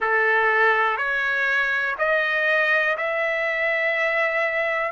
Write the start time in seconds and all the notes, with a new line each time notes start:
0.00 A4
0.97 C#5
1.98 D#5
2.97 E5